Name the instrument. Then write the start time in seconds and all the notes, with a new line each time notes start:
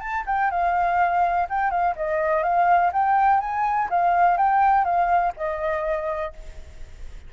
flute
0.00 A5
0.26 G5
0.51 F5
1.49 G5
1.70 F5
1.96 D#5
2.43 F5
2.93 G5
3.40 G#5
3.90 F5
4.37 G5
4.84 F5
5.36 D#5